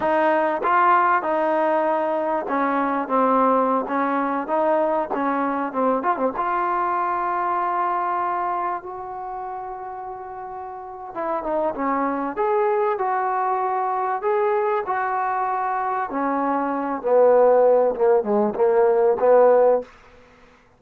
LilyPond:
\new Staff \with { instrumentName = "trombone" } { \time 4/4 \tempo 4 = 97 dis'4 f'4 dis'2 | cis'4 c'4~ c'16 cis'4 dis'8.~ | dis'16 cis'4 c'8 f'16 c'16 f'4.~ f'16~ | f'2~ f'16 fis'4.~ fis'16~ |
fis'2 e'8 dis'8 cis'4 | gis'4 fis'2 gis'4 | fis'2 cis'4. b8~ | b4 ais8 gis8 ais4 b4 | }